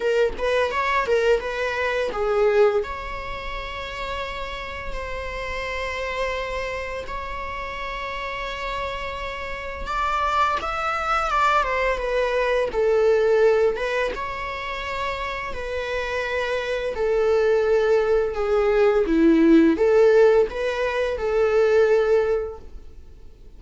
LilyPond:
\new Staff \with { instrumentName = "viola" } { \time 4/4 \tempo 4 = 85 ais'8 b'8 cis''8 ais'8 b'4 gis'4 | cis''2. c''4~ | c''2 cis''2~ | cis''2 d''4 e''4 |
d''8 c''8 b'4 a'4. b'8 | cis''2 b'2 | a'2 gis'4 e'4 | a'4 b'4 a'2 | }